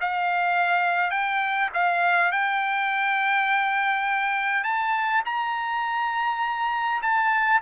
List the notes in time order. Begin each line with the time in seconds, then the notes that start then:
0.00 F5
1.10 G5
1.73 F5
2.31 G5
4.63 A5
5.25 A#5
7.02 A5